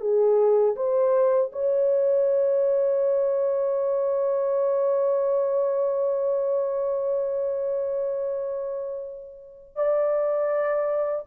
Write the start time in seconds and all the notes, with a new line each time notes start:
0.00 G#4
0.76 C5
1.52 C#5
9.75 D5